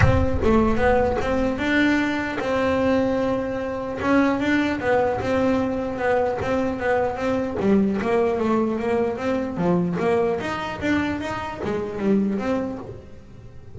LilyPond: \new Staff \with { instrumentName = "double bass" } { \time 4/4 \tempo 4 = 150 c'4 a4 b4 c'4 | d'2 c'2~ | c'2 cis'4 d'4 | b4 c'2 b4 |
c'4 b4 c'4 g4 | ais4 a4 ais4 c'4 | f4 ais4 dis'4 d'4 | dis'4 gis4 g4 c'4 | }